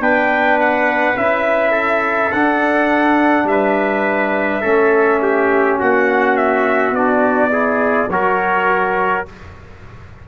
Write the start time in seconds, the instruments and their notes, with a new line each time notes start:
0.00 tuba B3, trombone D4, trumpet B4 G5
0.61 trumpet F#5
1.16 tuba C#4, trombone E4, trumpet E5
1.72 trumpet A4
2.32 tuba D4, trombone D4, trumpet F#5
3.44 tuba G3, trumpet E5
3.51 trumpet B4
4.62 tuba A3, trombone C#4, trumpet A4
5.23 trumpet G4
5.79 tuba A#3, trumpet F#4 F#5
6.37 trumpet E5
6.91 tuba B3, trombone D4, trumpet D5
7.52 trombone E4, trumpet G#4
8.09 tuba F#3, trombone F#4, trumpet A#4 C#5